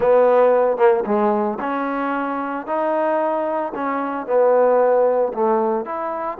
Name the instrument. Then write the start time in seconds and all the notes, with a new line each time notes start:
trombone
0.00 B3
0.77 A#3
1.05 G#3
1.60 C#4
2.66 D#4
3.74 C#4
4.26 B3
5.33 A3
5.85 E4